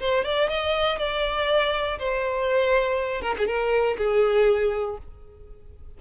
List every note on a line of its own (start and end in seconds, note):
0.00 0.25 C5
0.25 0.50 D5
0.50 0.99 D#5
0.99 1.99 D5
1.99 3.22 C5
3.22 3.35 A#4
3.39 3.47 G#4
3.47 3.97 A#4
3.98 4.98 G#4